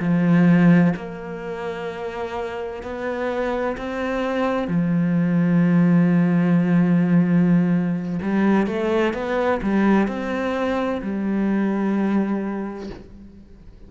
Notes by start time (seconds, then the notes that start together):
0.00 F3
0.96 A#3
2.83 B3
3.78 C4
4.68 F3
8.22 G3
8.67 A3
9.14 B3
9.63 G3
10.08 C4
11.02 G3